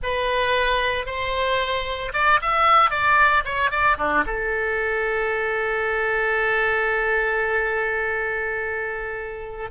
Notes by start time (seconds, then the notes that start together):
0.02 B4
1.06 C5
2.13 D5
2.41 E5
2.90 D5
3.45 C#5
3.70 D5
3.97 D4
4.26 A4